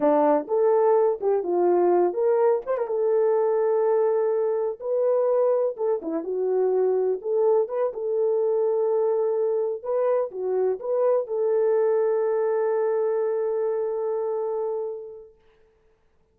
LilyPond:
\new Staff \with { instrumentName = "horn" } { \time 4/4 \tempo 4 = 125 d'4 a'4. g'8 f'4~ | f'8 ais'4 c''16 ais'16 a'2~ | a'2 b'2 | a'8 e'8 fis'2 a'4 |
b'8 a'2.~ a'8~ | a'8 b'4 fis'4 b'4 a'8~ | a'1~ | a'1 | }